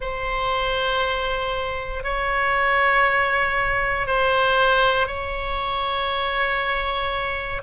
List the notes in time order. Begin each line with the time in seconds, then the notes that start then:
0.00 C5
2.03 C#5
4.07 C5
5.07 C#5